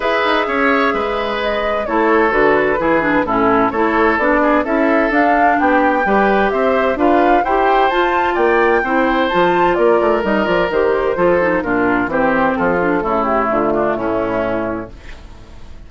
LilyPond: <<
  \new Staff \with { instrumentName = "flute" } { \time 4/4 \tempo 4 = 129 e''2. dis''4 | cis''4 b'2 a'4 | cis''4 d''4 e''4 f''4 | g''2 e''4 f''4 |
g''4 a''4 g''2 | a''4 d''4 dis''8 d''8 c''4~ | c''4 ais'4 c''4 a'4~ | a'8 g'8 f'4 e'2 | }
  \new Staff \with { instrumentName = "oboe" } { \time 4/4 b'4 cis''4 b'2 | a'2 gis'4 e'4 | a'4. gis'8 a'2 | g'4 b'4 c''4 b'4 |
c''2 d''4 c''4~ | c''4 ais'2. | a'4 f'4 g'4 f'4 | e'4. d'8 cis'2 | }
  \new Staff \with { instrumentName = "clarinet" } { \time 4/4 gis'1 | e'4 fis'4 e'8 d'8 cis'4 | e'4 d'4 e'4 d'4~ | d'4 g'2 f'4 |
g'4 f'2 e'4 | f'2 dis'8 f'8 g'4 | f'8 dis'8 d'4 c'4. d'8 | a1 | }
  \new Staff \with { instrumentName = "bassoon" } { \time 4/4 e'8 dis'8 cis'4 gis2 | a4 d4 e4 a,4 | a4 b4 cis'4 d'4 | b4 g4 c'4 d'4 |
e'4 f'4 ais4 c'4 | f4 ais8 a8 g8 f8 dis4 | f4 ais,4 e4 f4 | cis4 d4 a,2 | }
>>